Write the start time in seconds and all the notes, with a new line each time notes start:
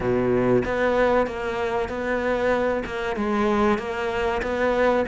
0.00 B2
0.64 B3
1.27 A#3
1.88 B3
2.85 A#3
3.16 G#3
3.78 A#3
4.42 B3